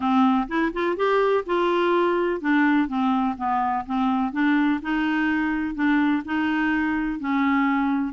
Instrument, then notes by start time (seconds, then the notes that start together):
clarinet
0.00 C4
0.48 E4
0.73 F4
0.96 G4
1.46 F4
2.40 D4
2.88 C4
3.37 B3
3.86 C4
4.32 D4
4.81 D#4
5.74 D4
6.25 D#4
7.19 C#4